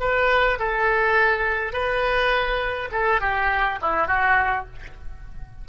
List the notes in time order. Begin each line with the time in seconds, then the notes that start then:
0.00 B4
0.59 A4
1.73 B4
2.92 A4
3.21 G4
3.82 E4
4.08 F#4